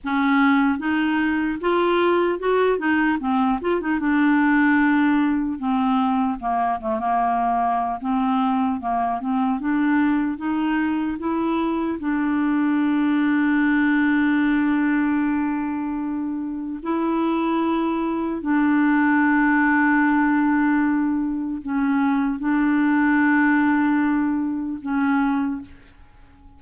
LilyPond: \new Staff \with { instrumentName = "clarinet" } { \time 4/4 \tempo 4 = 75 cis'4 dis'4 f'4 fis'8 dis'8 | c'8 f'16 dis'16 d'2 c'4 | ais8 a16 ais4~ ais16 c'4 ais8 c'8 | d'4 dis'4 e'4 d'4~ |
d'1~ | d'4 e'2 d'4~ | d'2. cis'4 | d'2. cis'4 | }